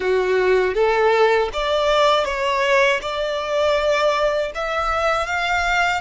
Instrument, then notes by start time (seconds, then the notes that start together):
violin
0.00 F#4
0.74 A4
1.53 D5
2.25 C#5
3.01 D5
4.54 E5
5.26 F5